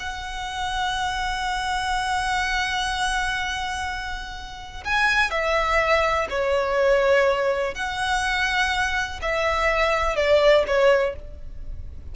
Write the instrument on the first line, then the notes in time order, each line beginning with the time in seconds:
violin
0.00 F#5
4.85 G#5
5.31 E5
6.30 C#5
7.75 F#5
9.22 E5
10.16 D5
10.67 C#5